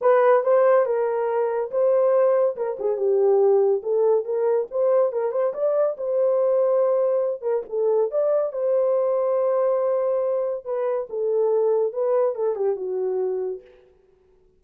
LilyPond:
\new Staff \with { instrumentName = "horn" } { \time 4/4 \tempo 4 = 141 b'4 c''4 ais'2 | c''2 ais'8 gis'8 g'4~ | g'4 a'4 ais'4 c''4 | ais'8 c''8 d''4 c''2~ |
c''4. ais'8 a'4 d''4 | c''1~ | c''4 b'4 a'2 | b'4 a'8 g'8 fis'2 | }